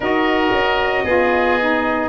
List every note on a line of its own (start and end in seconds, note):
0.00 0.51 D#4
0.00 1.06 F#4
0.00 1.04 A#4
0.00 2.09 D#5
0.51 1.03 C#4
1.04 2.09 B3
1.04 1.59 F4
1.04 2.09 G#4
1.59 2.09 D#4